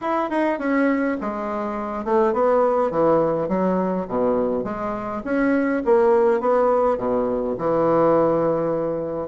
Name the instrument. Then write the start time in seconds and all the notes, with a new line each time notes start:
bassoon
0.01 E4
0.29 D#4
0.59 C#4
1.20 G#3
2.04 A3
2.33 B3
2.90 E3
3.48 F#3
4.08 B2
4.64 G#3
5.24 C#4
5.85 A#3
6.40 B3
6.97 B2
7.58 E3